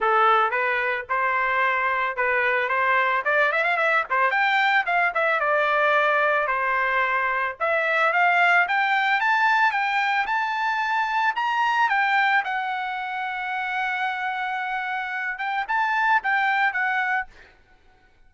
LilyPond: \new Staff \with { instrumentName = "trumpet" } { \time 4/4 \tempo 4 = 111 a'4 b'4 c''2 | b'4 c''4 d''8 e''16 f''16 e''8 c''8 | g''4 f''8 e''8 d''2 | c''2 e''4 f''4 |
g''4 a''4 g''4 a''4~ | a''4 ais''4 g''4 fis''4~ | fis''1~ | fis''8 g''8 a''4 g''4 fis''4 | }